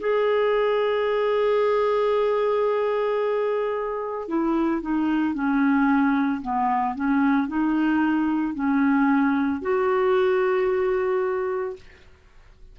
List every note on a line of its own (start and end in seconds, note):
0.00 4.28 G#4
4.28 4.82 E4
4.82 5.34 D#4
5.34 6.41 C#4
6.42 6.95 B3
6.95 7.48 C#4
7.48 8.55 D#4
8.55 9.62 C#4
9.62 11.76 F#4